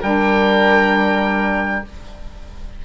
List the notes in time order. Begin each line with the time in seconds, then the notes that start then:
0.00 G3 D4 A#4 G5